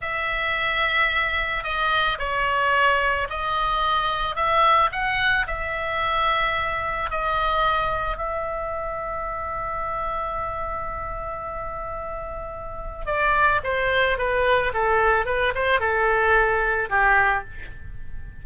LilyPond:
\new Staff \with { instrumentName = "oboe" } { \time 4/4 \tempo 4 = 110 e''2. dis''4 | cis''2 dis''2 | e''4 fis''4 e''2~ | e''4 dis''2 e''4~ |
e''1~ | e''1 | d''4 c''4 b'4 a'4 | b'8 c''8 a'2 g'4 | }